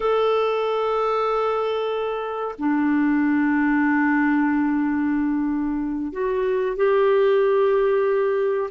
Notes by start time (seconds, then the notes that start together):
0.00 A4
2.58 D4
6.12 F#4
6.76 G4